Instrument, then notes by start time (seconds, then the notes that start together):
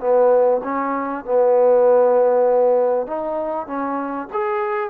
trombone
0.00 B3
0.64 C#4
1.25 B3
3.07 D#4
3.67 C#4
4.33 G#4